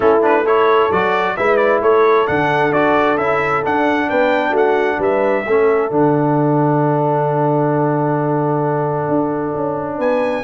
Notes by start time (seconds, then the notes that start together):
0.00 A3 C#4 E4 A4
0.22 D4 B4
0.43 E4 A4 C#5
0.91 F#3 F#4 D5
1.37 G#3 E4 B4 E5
1.56 D5
1.82 A3 A4 C#5
2.26 D3 D4 F#5
2.72 D4 F#4 D5
3.17 C#4 E4 E5
3.63 D4 F#5
4.08 B3 B4 G5
4.50 A3 F#4
4.56 F#5
4.98 G3 B4 E5
5.46 A3 C#4 A4
5.90 D3 D4 F#5
9.08 D4
9.54 C#4
9.97 B3 B4 G#5